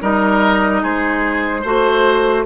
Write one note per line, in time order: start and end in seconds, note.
0.00 0.83 G3
0.00 1.62 D#4
0.00 0.82 A#4
0.00 0.84 D#5
0.82 1.64 G#3
0.82 1.61 G#4
0.82 2.45 C5
1.61 2.45 A3
1.61 2.45 F#4
1.61 2.42 C5